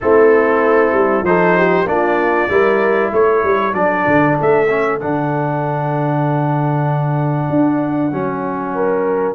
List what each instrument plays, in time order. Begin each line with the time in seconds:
0.01 tuba A3, trombone C4, horn E4, trumpet A4
0.92 tuba G3
1.22 tuba F3, trombone D#4, horn A4, trumpet C5
1.57 horn G4
1.85 tuba A#3, trombone D4, horn F4, trumpet D5
2.48 tuba G3, trombone E4, horn A#4
3.12 tuba A3, horn A4, trumpet C#5
3.43 tuba G3
3.73 tuba F#3, trombone D4, trumpet D5
4.06 tuba D3
4.40 tuba A3, trumpet E5
4.69 trombone C#4
4.99 tuba D3, trombone D4, trumpet F#5
7.49 tuba D4
8.11 tuba F#3, trombone C#4
8.74 horn A#4